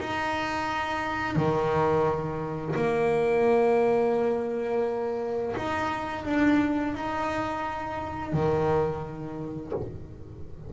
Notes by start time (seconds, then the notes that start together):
0.00 D#4
1.36 D#3
2.76 A#3
5.56 D#4
6.25 D4
6.95 D#4
8.33 D#3